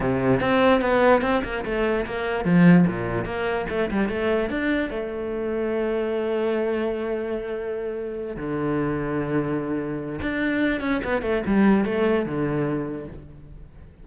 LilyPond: \new Staff \with { instrumentName = "cello" } { \time 4/4 \tempo 4 = 147 c4 c'4 b4 c'8 ais8 | a4 ais4 f4 ais,4 | ais4 a8 g8 a4 d'4 | a1~ |
a1~ | a8 d2.~ d8~ | d4 d'4. cis'8 b8 a8 | g4 a4 d2 | }